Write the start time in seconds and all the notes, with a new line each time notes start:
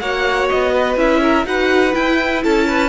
0.00 A#3 F#4 C#5 F#5
0.50 B3 D#5
0.73 B4
0.97 C#4 E4 E5
1.22 A#4
1.46 D#4 F#4 B4 F#5
1.93 E4 G5
2.44 C#4 A4 A5
2.67 B4